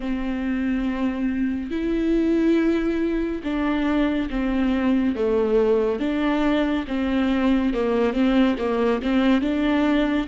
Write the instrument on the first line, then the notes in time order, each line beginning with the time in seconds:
viola
0.00 C4
1.70 E4
3.43 D4
4.29 C4
5.15 A3
5.99 D4
6.87 C4
7.73 A#3
8.13 C4
8.58 A#3
9.02 C4
9.41 D4